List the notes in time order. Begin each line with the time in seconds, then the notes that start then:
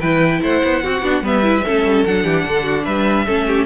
0.00 E3 E4 B4 G5
0.42 A3 C5 F#5
0.64 B3
0.83 C4 F#4
1.02 B3 D4
1.21 G3 B3 B4 E5
1.43 E4
1.65 A3 C#4 A4
1.84 G3
2.05 F#3 D4 F#5
2.23 E3 G4
2.46 D3 A4
2.63 F#4
2.85 G3 B4 E5
3.26 A3 C#4 A4
3.47 G4